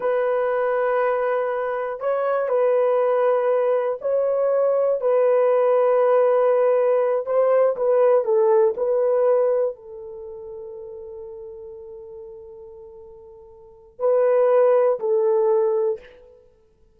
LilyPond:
\new Staff \with { instrumentName = "horn" } { \time 4/4 \tempo 4 = 120 b'1 | cis''4 b'2. | cis''2 b'2~ | b'2~ b'8 c''4 b'8~ |
b'8 a'4 b'2 a'8~ | a'1~ | a'1 | b'2 a'2 | }